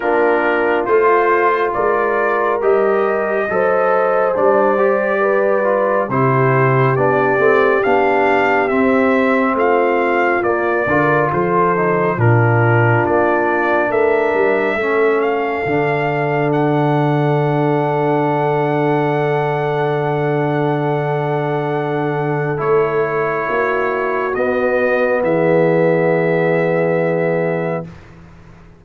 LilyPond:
<<
  \new Staff \with { instrumentName = "trumpet" } { \time 4/4 \tempo 4 = 69 ais'4 c''4 d''4 dis''4~ | dis''4 d''2 c''4 | d''4 f''4 e''4 f''4 | d''4 c''4 ais'4 d''4 |
e''4. f''4. fis''4~ | fis''1~ | fis''2 cis''2 | dis''4 e''2. | }
  \new Staff \with { instrumentName = "horn" } { \time 4/4 f'2 ais'2 | c''2 b'4 g'4~ | g'2. f'4~ | f'8 ais'8 a'4 f'2 |
ais'4 a'2.~ | a'1~ | a'2. fis'4~ | fis'4 gis'2. | }
  \new Staff \with { instrumentName = "trombone" } { \time 4/4 d'4 f'2 g'4 | a'4 d'8 g'4 f'8 e'4 | d'8 c'8 d'4 c'2 | ais8 f'4 dis'8 d'2~ |
d'4 cis'4 d'2~ | d'1~ | d'2 e'2 | b1 | }
  \new Staff \with { instrumentName = "tuba" } { \time 4/4 ais4 a4 gis4 g4 | fis4 g2 c4 | b8 a8 b4 c'4 a4 | ais8 d8 f4 ais,4 ais4 |
a8 g8 a4 d2~ | d1~ | d2 a4 ais4 | b4 e2. | }
>>